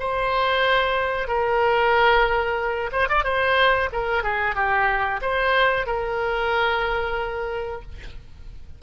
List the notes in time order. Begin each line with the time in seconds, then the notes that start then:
0.00 C5
1.28 A#4
2.93 C5
3.09 D5
3.25 C5
3.93 A#4
4.24 G#4
4.56 G4
5.22 C5
5.87 A#4